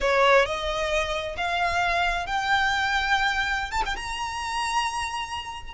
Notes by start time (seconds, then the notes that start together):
0.00 C#5
0.45 D#5
1.37 F5
2.26 G5
3.71 A5
3.85 G5
3.96 A#5